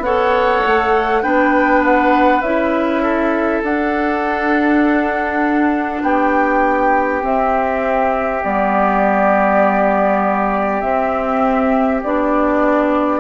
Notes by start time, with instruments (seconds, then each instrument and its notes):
0.00 bassoon B3, clarinet A4, oboe C#5, flute F#5
0.66 bassoon A3
1.23 bassoon B3, clarinet D4, oboe B4, flute G5
1.85 flute F#5
2.42 bassoon C#4, clarinet E4, flute E5
3.03 oboe A4
3.63 bassoon D4, clarinet D4, flute F#5
6.03 bassoon B3, oboe G4, flute G5
7.22 clarinet C4, bassoon C4, flute E5
8.44 bassoon G3, clarinet B3, flute D5
10.81 clarinet C4, bassoon C4, flute E5
12.03 bassoon B3, clarinet D4, flute D5